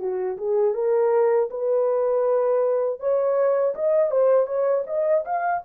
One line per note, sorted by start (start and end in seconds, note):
0.00 0.38 F#4
0.38 0.75 G#4
0.75 1.50 A#4
1.51 3.00 B4
3.00 3.75 C#5
3.75 4.11 D#5
4.11 4.47 C5
4.47 4.84 C#5
4.87 5.25 D#5
5.25 5.63 F5